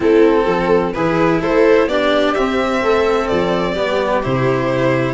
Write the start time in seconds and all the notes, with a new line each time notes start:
0.00 A3 C4 E4 A4
0.45 F3 A4
0.93 E3 E4 G#4 B4
1.41 A3 A4 C5
1.87 B3 D4 G4 D5
2.34 C4 E5
2.82 A3 A4
3.27 F3 D5
3.72 G3 B3 G4
4.22 C3 E4 C5